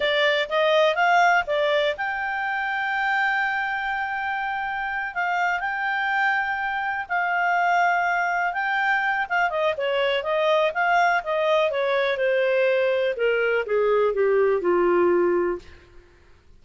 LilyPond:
\new Staff \with { instrumentName = "clarinet" } { \time 4/4 \tempo 4 = 123 d''4 dis''4 f''4 d''4 | g''1~ | g''2~ g''8 f''4 g''8~ | g''2~ g''8 f''4.~ |
f''4. g''4. f''8 dis''8 | cis''4 dis''4 f''4 dis''4 | cis''4 c''2 ais'4 | gis'4 g'4 f'2 | }